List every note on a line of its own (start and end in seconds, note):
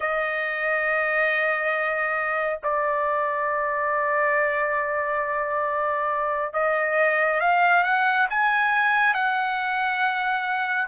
0.00 2.59 D#5
2.63 6.53 D5
6.53 7.40 D#5
7.40 7.83 F5
7.83 8.26 F#5
8.30 9.13 G#5
9.13 10.87 F#5